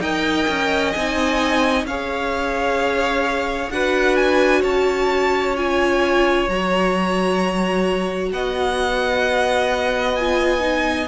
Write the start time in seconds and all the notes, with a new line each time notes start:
0.00 D#4 A#4 D#5 G5
0.48 C#4
0.92 C4 D#4 G#5
1.84 C#4 G#4 C#5 F5
3.71 D4 F#4 B4 F#5
4.16 G#5
4.61 C#4 C#5 A5
5.56 F4 G#5
6.48 F#3 F#4 A#5
8.32 B3 D#5 F#5
10.16 F4 G#5
10.60 D#4